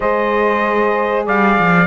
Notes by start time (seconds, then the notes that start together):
0.00 G#3 G#4 C5 D#5
1.25 G3 D5 F5
1.59 F3